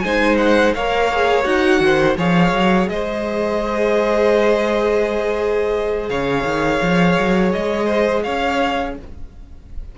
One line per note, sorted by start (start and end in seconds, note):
0.00 0.75 G#3
0.00 0.76 D#4
0.00 0.75 C5
0.00 0.36 G#5
0.38 0.73 F#5
0.75 1.45 A#3
0.75 1.13 A#4
0.75 1.82 C#5
0.75 1.44 F5
1.13 1.44 G#4
1.44 1.81 D#4
1.44 2.15 F#4
1.44 2.15 F#5
1.81 2.16 D#3
1.81 2.17 C5
2.17 2.53 F3
2.17 8.96 G#4
2.17 2.89 C#5
2.17 2.89 F5
2.53 2.88 F#3
2.88 6.10 G#3
2.88 6.10 C5
2.88 6.09 D#5
6.09 6.44 C#3
6.09 7.86 C#5
6.09 7.52 F5
6.44 6.79 D#3
6.82 7.18 F3
7.19 7.55 F#3
7.52 8.27 G#3
7.52 8.24 D#5
7.86 8.22 C5
8.24 8.98 C#4
8.24 8.96 C#5
8.24 8.95 F5